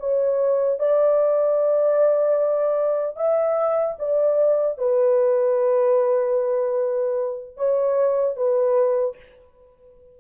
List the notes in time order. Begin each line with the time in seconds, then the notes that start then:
0.00 C#5
0.80 D5
3.17 E5
3.99 D5
4.79 B4
7.57 C#5
8.37 B4